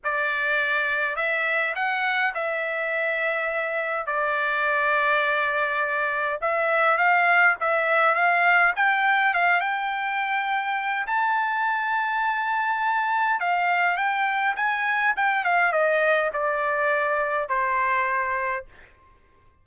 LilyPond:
\new Staff \with { instrumentName = "trumpet" } { \time 4/4 \tempo 4 = 103 d''2 e''4 fis''4 | e''2. d''4~ | d''2. e''4 | f''4 e''4 f''4 g''4 |
f''8 g''2~ g''8 a''4~ | a''2. f''4 | g''4 gis''4 g''8 f''8 dis''4 | d''2 c''2 | }